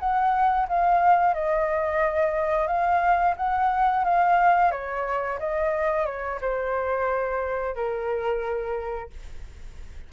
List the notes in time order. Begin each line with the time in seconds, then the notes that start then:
0.00 F#5
0.69 F5
1.35 D#5
2.68 F5
3.37 F#5
4.05 F5
4.72 C#5
5.40 D#5
6.06 C#5
6.41 C5
7.75 A#4